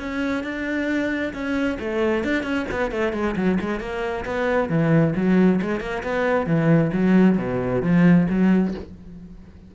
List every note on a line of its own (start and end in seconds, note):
0.00 0.44 C#4
0.44 1.33 D4
1.34 1.78 C#4
1.80 2.24 A3
2.24 2.44 D4
2.44 2.66 C#4
2.72 2.91 B3
2.91 3.13 A3
3.13 3.36 G#3
3.36 3.59 F#3
3.61 3.80 G#3
3.80 4.25 A#3
4.25 4.69 B3
4.69 5.14 E3
5.16 5.61 F#3
5.62 5.81 G#3
5.81 6.03 A#3
6.04 6.47 B3
6.47 6.92 E3
6.93 7.38 F#3
7.38 7.83 B2
7.83 8.28 F3
8.30 8.75 F#3